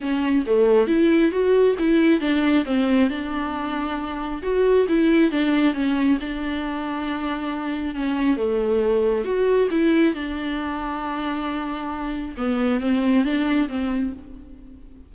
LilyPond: \new Staff \with { instrumentName = "viola" } { \time 4/4 \tempo 4 = 136 cis'4 a4 e'4 fis'4 | e'4 d'4 c'4 d'4~ | d'2 fis'4 e'4 | d'4 cis'4 d'2~ |
d'2 cis'4 a4~ | a4 fis'4 e'4 d'4~ | d'1 | b4 c'4 d'4 c'4 | }